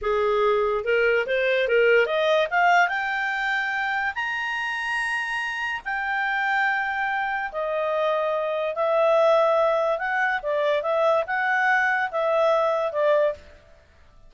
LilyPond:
\new Staff \with { instrumentName = "clarinet" } { \time 4/4 \tempo 4 = 144 gis'2 ais'4 c''4 | ais'4 dis''4 f''4 g''4~ | g''2 ais''2~ | ais''2 g''2~ |
g''2 dis''2~ | dis''4 e''2. | fis''4 d''4 e''4 fis''4~ | fis''4 e''2 d''4 | }